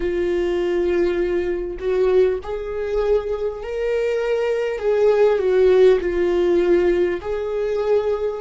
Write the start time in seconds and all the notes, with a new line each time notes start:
0.00 F4
1.79 F#4
2.42 G#4
3.62 A#4
4.78 G#4
5.38 F#4
6.00 F4
7.21 G#4